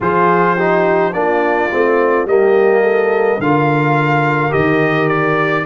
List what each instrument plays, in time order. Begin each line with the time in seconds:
0.00 tuba F3, trombone F4, horn G#4, trumpet C5
0.55 trombone D#4, horn G4
1.13 tuba A#3, trombone D4, horn F4, trumpet D5
1.71 tuba A3, trombone C4
2.25 tuba G3, trombone A#3, horn G4, trumpet D#5
2.82 horn A4
3.38 tuba D3, trombone F4, horn A#4, trumpet F5
4.50 tuba D#3, trombone G4, trumpet D#5
5.08 trumpet D5